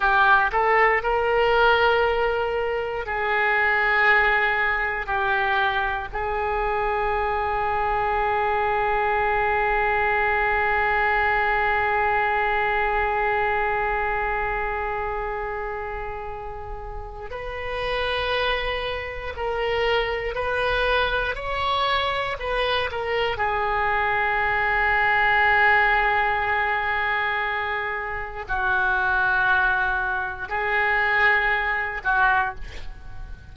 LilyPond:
\new Staff \with { instrumentName = "oboe" } { \time 4/4 \tempo 4 = 59 g'8 a'8 ais'2 gis'4~ | gis'4 g'4 gis'2~ | gis'1~ | gis'1~ |
gis'4 b'2 ais'4 | b'4 cis''4 b'8 ais'8 gis'4~ | gis'1 | fis'2 gis'4. fis'8 | }